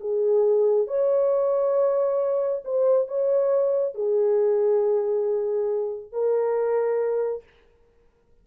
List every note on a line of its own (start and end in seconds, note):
0.00 0.87 G#4
0.87 2.63 C#5
2.64 3.08 C5
3.08 3.94 C#5
3.94 6.12 G#4
6.12 7.43 A#4